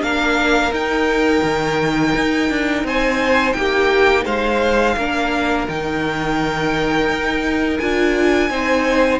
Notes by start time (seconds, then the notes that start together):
0.00 A#3 D4 A#4 F5
0.72 D#4 G5
1.44 D#3
2.16 D#4
2.50 D4
2.84 C4 C5 G#5
3.53 A#3 G4 G5
4.25 G#3 C5 F5
4.97 A#3 D4 A#4
5.68 D#3 D#4 G5
7.09 D#4
7.78 D4 F4 G#5
8.50 C4 D#4 C5